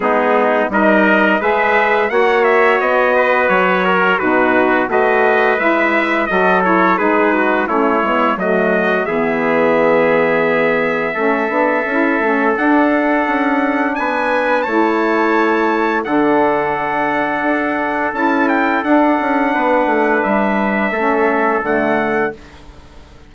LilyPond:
<<
  \new Staff \with { instrumentName = "trumpet" } { \time 4/4 \tempo 4 = 86 gis'4 dis''4 e''4 fis''8 e''8 | dis''4 cis''4 b'4 dis''4 | e''4 dis''8 cis''8 b'4 cis''4 | dis''4 e''2.~ |
e''2 fis''2 | gis''4 a''2 fis''4~ | fis''2 a''8 g''8 fis''4~ | fis''4 e''2 fis''4 | }
  \new Staff \with { instrumentName = "trumpet" } { \time 4/4 dis'4 ais'4 b'4 cis''4~ | cis''8 b'4 ais'8 fis'4 b'4~ | b'4 a'4 gis'8 fis'8 e'4 | fis'4 gis'2. |
a'1 | b'4 cis''2 a'4~ | a'1 | b'2 a'2 | }
  \new Staff \with { instrumentName = "saxophone" } { \time 4/4 b4 dis'4 gis'4 fis'4~ | fis'2 dis'4 fis'4 | e'4 fis'8 e'8 dis'4 cis'8 b8 | a4 b2. |
cis'8 d'8 e'8 cis'8 d'2~ | d'4 e'2 d'4~ | d'2 e'4 d'4~ | d'2 cis'4 a4 | }
  \new Staff \with { instrumentName = "bassoon" } { \time 4/4 gis4 g4 gis4 ais4 | b4 fis4 b,4 a4 | gis4 fis4 gis4 a8 gis8 | fis4 e2. |
a8 b8 cis'8 a8 d'4 cis'4 | b4 a2 d4~ | d4 d'4 cis'4 d'8 cis'8 | b8 a8 g4 a4 d4 | }
>>